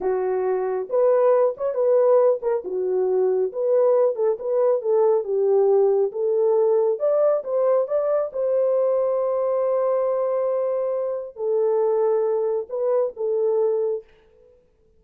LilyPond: \new Staff \with { instrumentName = "horn" } { \time 4/4 \tempo 4 = 137 fis'2 b'4. cis''8 | b'4. ais'8 fis'2 | b'4. a'8 b'4 a'4 | g'2 a'2 |
d''4 c''4 d''4 c''4~ | c''1~ | c''2 a'2~ | a'4 b'4 a'2 | }